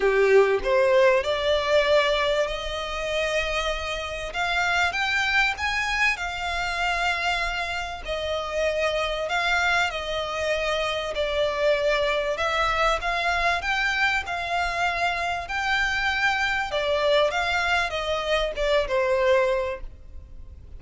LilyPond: \new Staff \with { instrumentName = "violin" } { \time 4/4 \tempo 4 = 97 g'4 c''4 d''2 | dis''2. f''4 | g''4 gis''4 f''2~ | f''4 dis''2 f''4 |
dis''2 d''2 | e''4 f''4 g''4 f''4~ | f''4 g''2 d''4 | f''4 dis''4 d''8 c''4. | }